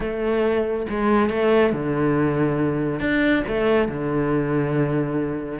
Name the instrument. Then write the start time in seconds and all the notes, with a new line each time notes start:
cello
0.00 A3
0.89 G#3
1.29 A3
1.73 D3
2.99 D4
3.47 A3
3.88 D3